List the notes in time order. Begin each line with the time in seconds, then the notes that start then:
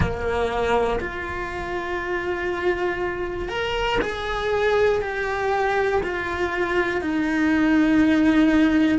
0.00 A#3
1.00 F4
3.49 A#4
4.01 G#4
5.01 G4
6.03 F4
7.01 D#4